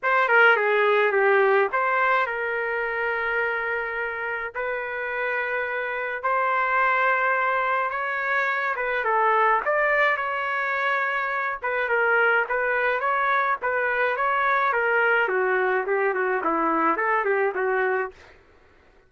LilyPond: \new Staff \with { instrumentName = "trumpet" } { \time 4/4 \tempo 4 = 106 c''8 ais'8 gis'4 g'4 c''4 | ais'1 | b'2. c''4~ | c''2 cis''4. b'8 |
a'4 d''4 cis''2~ | cis''8 b'8 ais'4 b'4 cis''4 | b'4 cis''4 ais'4 fis'4 | g'8 fis'8 e'4 a'8 g'8 fis'4 | }